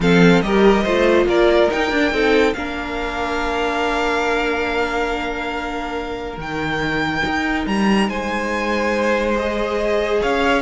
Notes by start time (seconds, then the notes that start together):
0.00 F3 C4 A4 F5
0.41 G3 G4 A#4 D#5
0.83 A3 F4 C5
1.25 A#3 A#4 D5
1.70 D#4 G5
1.91 D4
2.11 C4 D#4 A4
2.53 A#3 D4 A#4 F5
6.37 D#3 D#4 G5
7.25 D#4
7.66 G3 A#5
8.08 G#3 C5 G#5
9.35 G#4 D#5
10.21 C#4 C#5 F5